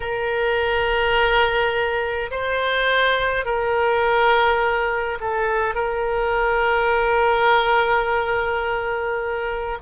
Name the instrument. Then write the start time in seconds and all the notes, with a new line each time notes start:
oboe
0.00 A#4
2.31 C5
3.45 A#4
5.20 A4
5.74 A#4